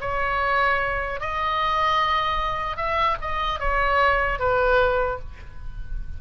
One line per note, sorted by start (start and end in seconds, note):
0.00 1.20 C#5
1.20 2.77 D#5
2.77 3.17 E5
3.21 3.59 D#5
3.59 4.39 C#5
4.39 5.19 B4